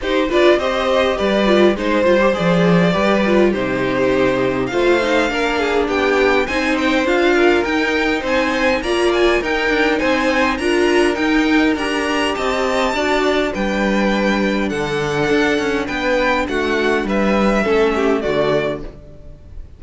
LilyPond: <<
  \new Staff \with { instrumentName = "violin" } { \time 4/4 \tempo 4 = 102 c''8 d''8 dis''4 d''4 c''4 | d''2 c''2 | f''2 g''4 gis''8 g''8 | f''4 g''4 gis''4 ais''8 gis''8 |
g''4 gis''4 ais''4 g''4 | ais''4 a''2 g''4~ | g''4 fis''2 g''4 | fis''4 e''2 d''4 | }
  \new Staff \with { instrumentName = "violin" } { \time 4/4 g'8 b'8 c''4 b'4 c''4~ | c''4 b'4 g'2 | c''4 ais'8 gis'8 g'4 c''4~ | c''8 ais'4. c''4 d''4 |
ais'4 c''4 ais'2~ | ais'4 dis''4 d''4 b'4~ | b'4 a'2 b'4 | fis'4 b'4 a'8 g'8 fis'4 | }
  \new Staff \with { instrumentName = "viola" } { \time 4/4 dis'8 f'8 g'4. f'8 dis'8 f'16 g'16 | gis'4 g'8 f'8 dis'2 | f'8 dis'8 d'2 dis'4 | f'4 dis'2 f'4 |
dis'2 f'4 dis'4 | g'2 fis'4 d'4~ | d'1~ | d'2 cis'4 a4 | }
  \new Staff \with { instrumentName = "cello" } { \time 4/4 dis'8 d'8 c'4 g4 gis8 g8 | f4 g4 c2 | a4 ais4 b4 c'4 | d'4 dis'4 c'4 ais4 |
dis'8 d'8 c'4 d'4 dis'4 | d'4 c'4 d'4 g4~ | g4 d4 d'8 cis'8 b4 | a4 g4 a4 d4 | }
>>